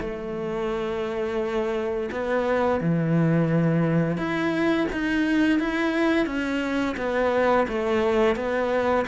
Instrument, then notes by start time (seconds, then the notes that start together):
cello
0.00 A3
2.11 B3
2.80 E3
4.17 E4
4.92 D#4
5.59 E4
6.26 C#4
6.96 B3
7.68 A3
8.35 B3